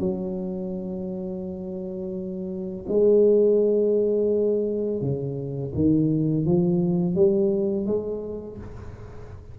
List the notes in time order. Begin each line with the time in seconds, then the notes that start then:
0.00 F#3
2.89 G#3
5.02 C#3
5.75 D#3
6.46 F3
7.16 G3
7.87 G#3